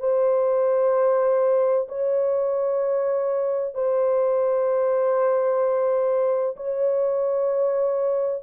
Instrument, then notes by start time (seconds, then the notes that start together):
horn
0.00 C5
1.89 C#5
3.75 C5
6.57 C#5